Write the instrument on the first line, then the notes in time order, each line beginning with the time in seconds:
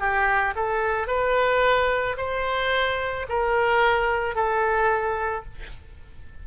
oboe
0.00 G4
0.56 A4
1.08 B4
2.18 C5
3.29 A#4
4.35 A4